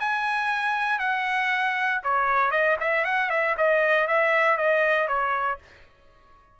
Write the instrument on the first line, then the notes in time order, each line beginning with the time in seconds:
trumpet
0.00 G#5
0.99 F#5
2.03 C#5
2.51 D#5
2.80 E5
3.05 F#5
3.30 E5
3.57 D#5
4.08 E5
4.57 D#5
5.08 C#5